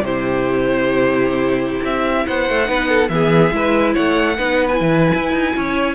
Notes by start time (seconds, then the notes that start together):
0.00 C3 E4 G4 C5
1.83 C4 E5
2.26 B3 C5 F#5
2.49 A3
2.65 B3 D#4 B4
2.88 A4
3.09 E3 B3 G#4 E5
3.50 G#3 E4 B4
3.93 A3 C#5 F#5
4.37 B3 D#4 B4
4.68 E4 G#5
4.80 E3
5.14 E4
5.32 D#4
5.56 C#4 C#5